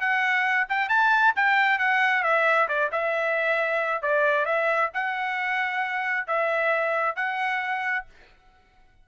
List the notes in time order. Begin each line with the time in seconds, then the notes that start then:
0.00 F#5
0.69 G5
0.89 A5
1.35 G5
1.78 F#5
2.23 E5
2.68 D5
2.91 E5
4.02 D5
4.45 E5
4.94 F#5
6.27 E5
7.16 F#5